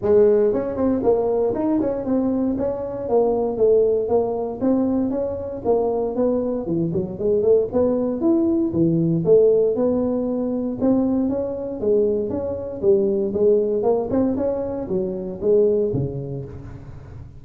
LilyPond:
\new Staff \with { instrumentName = "tuba" } { \time 4/4 \tempo 4 = 117 gis4 cis'8 c'8 ais4 dis'8 cis'8 | c'4 cis'4 ais4 a4 | ais4 c'4 cis'4 ais4 | b4 e8 fis8 gis8 a8 b4 |
e'4 e4 a4 b4~ | b4 c'4 cis'4 gis4 | cis'4 g4 gis4 ais8 c'8 | cis'4 fis4 gis4 cis4 | }